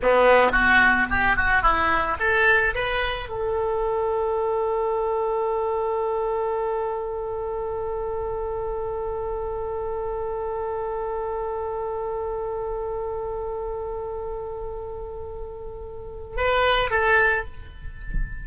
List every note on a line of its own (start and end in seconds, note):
0.02 0.52 B3
0.52 1.06 F#4
1.09 1.36 G4
1.36 1.62 F#4
1.62 2.17 E4
2.19 2.74 A4
2.74 3.29 B4
3.29 16.37 A4
16.37 16.90 B4
16.90 17.44 A4